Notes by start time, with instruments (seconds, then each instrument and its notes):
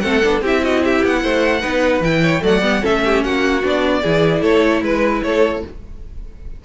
0.00 cello A3, viola C4, violin A4 F#5
0.23 cello B3, viola D4
0.41 cello C4, viola E4, violin G4
0.47 violin E5
0.63 violin F#4 D#5
0.83 violin G4 E5
1.04 cello B3, violin F#5
1.22 cello A3, violin C5
1.60 cello B3, viola D#4, violin B4
2.00 cello E3, viola E4, violin G5
2.22 violin C#5
2.41 cello F#3, viola A3, violin D5 F#5
2.62 cello G3, viola B3
2.81 cello A3, viola C#4, violin A4 E5
3.04 violin G4
3.23 cello A#3, violin F#4 F#5
3.62 cello B3, viola D4, violin D5
4.01 cello E3, viola E4, violin G#4
4.41 cello A3, violin A4 C#5
4.81 cello G#3, violin B4
5.22 cello A3, violin A4 C#5